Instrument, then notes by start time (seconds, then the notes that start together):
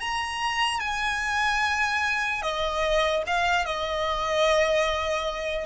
violin
0.00 A#5
0.80 G#5
2.42 D#5
3.27 F5
3.65 D#5